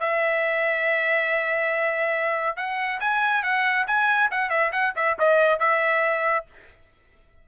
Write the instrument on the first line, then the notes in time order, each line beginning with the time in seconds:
trumpet
0.00 E5
2.57 F#5
3.00 G#5
3.43 F#5
3.87 G#5
4.31 F#5
4.50 E5
4.72 F#5
4.96 E5
5.19 D#5
5.60 E5